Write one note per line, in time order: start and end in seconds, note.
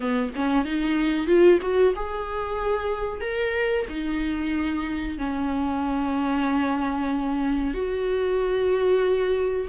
0.00 0.32 B3
0.35 0.64 C#4
0.64 1.26 D#4
1.26 1.58 F4
1.61 1.94 F#4
1.95 3.21 G#4
3.21 3.85 A#4
3.89 5.18 D#4
5.18 7.74 C#4
7.74 9.67 F#4